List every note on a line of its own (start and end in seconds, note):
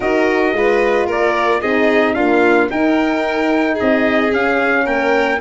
0.00 0.53 D#4
0.00 0.54 F#4
0.00 0.54 A#4
0.00 1.09 D#5
0.53 1.06 G#3
0.53 1.62 F4
0.53 1.06 B4
1.06 1.60 A#3
1.06 1.60 A#4
1.06 1.61 D5
1.61 2.14 C4
1.61 2.17 D#4
1.61 2.15 G#4
1.61 2.13 D#5
2.13 2.69 A#3
2.13 2.68 D4
2.13 2.69 F4
2.13 2.67 F5
2.69 4.31 D#4
2.69 3.78 D#4
2.69 3.74 A#4
2.69 3.78 G5
3.74 4.82 G#4
3.74 4.33 D#5
3.81 4.31 C4
4.31 4.85 C#4
4.31 5.40 C#4
4.31 4.86 F5
4.85 5.40 A#3
4.85 5.39 A#4
4.85 5.40 G5